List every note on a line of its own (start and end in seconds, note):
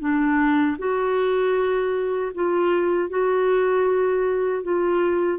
0.00 0.77 D4
0.78 2.32 F#4
2.35 3.09 F4
3.09 4.63 F#4
4.63 5.39 F4